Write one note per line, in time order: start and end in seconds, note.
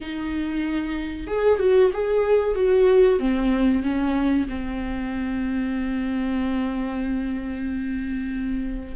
0.01 1.27 D#4
1.27 1.59 G#4
1.59 1.91 F#4
1.93 2.55 G#4
2.55 3.19 F#4
3.19 3.82 C4
3.82 4.46 C#4
4.48 8.95 C4